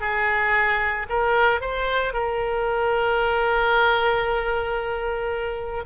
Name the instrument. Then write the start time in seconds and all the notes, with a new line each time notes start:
oboe
0.00 G#4
1.09 A#4
1.60 C5
2.13 A#4